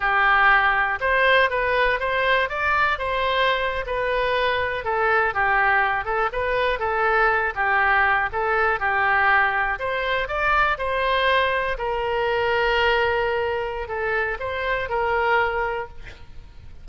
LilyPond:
\new Staff \with { instrumentName = "oboe" } { \time 4/4 \tempo 4 = 121 g'2 c''4 b'4 | c''4 d''4 c''4.~ c''16 b'16~ | b'4.~ b'16 a'4 g'4~ g'16~ | g'16 a'8 b'4 a'4. g'8.~ |
g'8. a'4 g'2 c''16~ | c''8. d''4 c''2 ais'16~ | ais'1 | a'4 c''4 ais'2 | }